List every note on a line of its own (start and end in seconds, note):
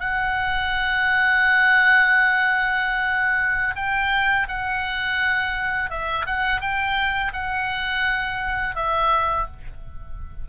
0.00 3.75 F#5
3.76 4.47 G5
4.49 5.90 F#5
5.90 6.26 E5
6.27 6.61 F#5
6.61 7.33 G5
7.33 8.76 F#5
8.76 9.47 E5